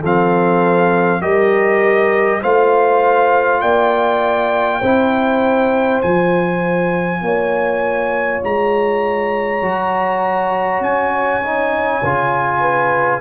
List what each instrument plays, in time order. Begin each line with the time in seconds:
0.00 tuba F3, trombone C4, horn A4, trumpet F5
1.22 tuba G3, trombone G4, horn A#4, trumpet D#5
2.42 tuba A3, trombone F4, horn C5, trumpet F5
3.61 tuba A#3, horn D5, trumpet G5
4.80 tuba C4, trombone E4, horn C5
6.02 tuba F3, trombone F4, trumpet G#5
7.22 tuba A#3, horn C#5
8.44 tuba G#3, trumpet A#5
9.62 tuba F#3, trombone F#4
10.81 tuba C#4, trumpet G#5
11.44 trombone D#4
12.03 tuba C#3, trombone F4
12.60 horn B4